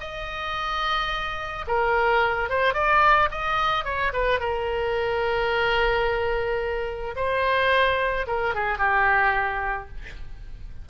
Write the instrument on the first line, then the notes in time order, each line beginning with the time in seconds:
oboe
0.00 D#5
1.67 A#4
2.49 C5
2.73 D5
3.31 D#5
3.84 C#5
4.13 B4
4.40 A#4
7.16 C5
8.27 A#4
8.54 G#4
8.78 G4